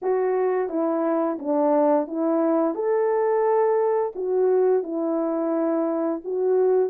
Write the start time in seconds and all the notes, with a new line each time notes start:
0.02 F#4
0.69 E4
1.39 D4
2.07 E4
2.75 A4
4.15 F#4
4.83 E4
6.24 F#4